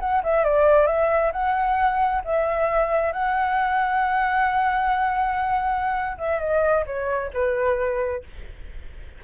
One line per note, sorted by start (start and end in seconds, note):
0.00 0.23 F#5
0.24 0.44 E5
0.44 0.87 D5
0.87 1.32 E5
1.32 2.22 F#5
2.25 3.13 E5
3.13 6.17 F#5
6.18 6.40 E5
6.40 6.85 D#5
6.86 7.31 C#5
7.34 8.24 B4